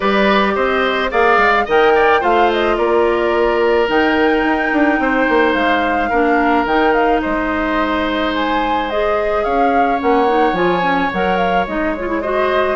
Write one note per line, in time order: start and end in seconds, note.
0.00 0.56 G3
0.00 1.10 G4
0.00 0.53 B4
0.00 0.55 D5
0.55 1.11 C4
0.55 1.10 C5
0.55 1.11 D#5
1.10 1.37 A#3
1.10 1.65 G#4
1.10 1.64 D5
1.10 1.67 F5
1.37 1.65 G#3
1.64 2.22 D#3
1.64 2.20 A#4
1.64 1.92 D#5
1.64 2.23 G5
1.95 2.20 D5
2.20 2.78 A3
2.20 3.87 F4
2.20 2.75 C5
2.20 2.51 F5
2.52 2.77 D#5
2.77 3.88 A#3
2.77 4.99 A#4
2.77 3.88 D5
3.88 4.43 D#3
3.88 6.10 D#4
3.88 5.53 G5
4.43 4.71 D#4
4.72 4.99 D4
4.99 5.27 C4
4.99 6.09 C5
5.28 5.54 A#3
5.53 6.09 G#3
5.53 6.64 F5
6.09 6.64 A#3
6.09 6.67 D4
6.09 7.20 A#4
6.64 7.20 D#3
6.64 8.90 D#4
6.64 6.93 G5
6.93 7.20 F5
7.21 9.45 G#3
7.21 9.43 C5
7.21 8.32 D#5
8.34 8.89 G#5
8.89 9.98 G#4
8.89 9.44 D#5
9.44 10.01 C#4
9.44 12.21 C#5
9.44 9.99 F5
9.98 10.52 A#3
9.98 10.26 C#4
9.98 10.55 F#5
10.27 10.54 D#4
10.52 11.08 F3
10.52 10.82 F4
10.52 11.10 G#5
10.82 11.10 C#4
11.13 11.67 F#3
11.13 11.67 A#4
11.13 11.37 F#5
11.37 11.65 F5
11.67 12.76 G#3
11.67 11.95 D#4
11.67 11.95 D#5
11.95 12.08 F4
11.95 12.21 C#5
12.08 12.21 E4
12.21 12.76 F#4
12.21 12.76 C5
12.21 12.76 D#5